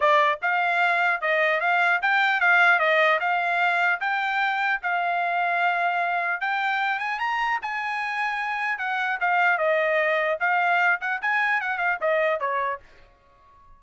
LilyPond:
\new Staff \with { instrumentName = "trumpet" } { \time 4/4 \tempo 4 = 150 d''4 f''2 dis''4 | f''4 g''4 f''4 dis''4 | f''2 g''2 | f''1 |
g''4. gis''8 ais''4 gis''4~ | gis''2 fis''4 f''4 | dis''2 f''4. fis''8 | gis''4 fis''8 f''8 dis''4 cis''4 | }